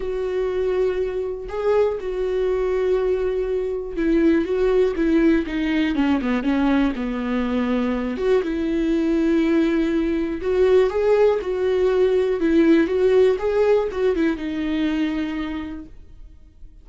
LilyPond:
\new Staff \with { instrumentName = "viola" } { \time 4/4 \tempo 4 = 121 fis'2. gis'4 | fis'1 | e'4 fis'4 e'4 dis'4 | cis'8 b8 cis'4 b2~ |
b8 fis'8 e'2.~ | e'4 fis'4 gis'4 fis'4~ | fis'4 e'4 fis'4 gis'4 | fis'8 e'8 dis'2. | }